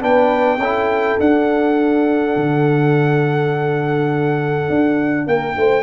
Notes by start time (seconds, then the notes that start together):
0.00 B3 D4 B4 G5
0.58 C#4 E4 A4
1.20 D4 F#5
2.36 D3
4.69 D4
5.27 A#3 A#4 G5
5.57 A3 C5